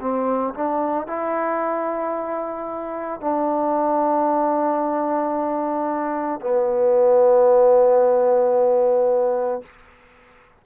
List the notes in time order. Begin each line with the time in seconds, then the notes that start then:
0.00 C4
0.54 D4
1.07 E4
3.20 D4
6.40 B3